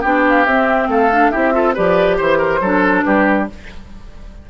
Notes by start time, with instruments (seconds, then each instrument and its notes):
0.00 bassoon B3, clarinet D4, oboe G4, flute G5
0.28 flute F5
0.45 bassoon C4, clarinet C4, flute E5
0.88 bassoon A3, oboe A4, flute F5
1.11 clarinet D4
1.30 bassoon C4, clarinet E4, oboe G4, flute E5
1.52 clarinet F4, oboe A4
1.74 bassoon F3, clarinet G4, oboe B4, flute D5
2.17 bassoon E3, oboe C5, flute C5
2.37 oboe A#4
2.60 bassoon F#3, clarinet D4, oboe A4
3.03 bassoon G3, oboe G4, flute B4